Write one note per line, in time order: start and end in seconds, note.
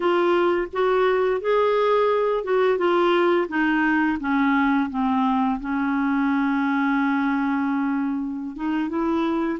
0.00 0.67 F4
0.72 1.40 F#4
1.40 2.44 G#4
2.44 2.77 F#4
2.77 3.47 F4
3.48 4.18 D#4
4.20 4.89 C#4
4.90 5.59 C4
5.60 8.56 C#4
8.56 8.89 D#4
8.89 9.58 E4